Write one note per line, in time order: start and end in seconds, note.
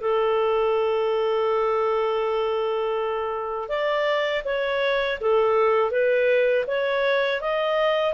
0.00 3.68 A4
3.68 4.42 D5
4.44 5.19 C#5
5.20 5.91 A4
5.91 6.65 B4
6.67 7.41 C#5
7.41 8.13 D#5